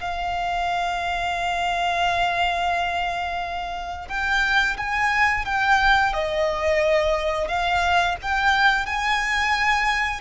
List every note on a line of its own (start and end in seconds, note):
0.00 4.08 F5
4.08 4.76 G5
4.77 5.45 G#5
5.45 6.13 G5
6.13 7.48 D#5
7.48 8.16 F5
8.22 8.86 G5
8.86 10.20 G#5